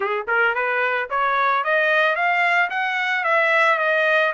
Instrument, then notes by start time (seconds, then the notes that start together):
trumpet
0.00 G#4
0.27 A#4
0.54 B4
1.10 C#5
1.63 D#5
2.15 F5
2.70 F#5
3.24 E5
3.78 D#5